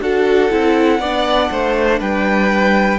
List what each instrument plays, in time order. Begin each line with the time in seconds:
0.00 cello D4, viola F#4, violin A4 F#5
0.50 cello C4, viola E4
0.99 cello B3, viola D4, violin D5
1.50 cello A3, violin C5
1.99 cello G3, violin B4 G5